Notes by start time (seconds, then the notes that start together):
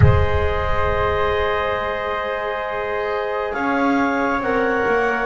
0.00 G#3 G#4 C5 D#5
3.53 C#4 C#5 F5
4.40 C4 A#4 F#5
4.87 A#3